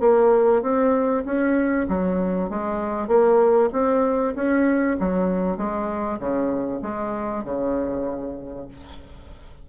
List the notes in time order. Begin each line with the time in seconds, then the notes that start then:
0.00 A#3
0.62 C4
1.25 C#4
1.88 F#3
2.49 G#3
3.08 A#3
3.72 C4
4.35 C#4
5.00 F#3
5.57 G#3
6.19 C#3
6.82 G#3
7.44 C#3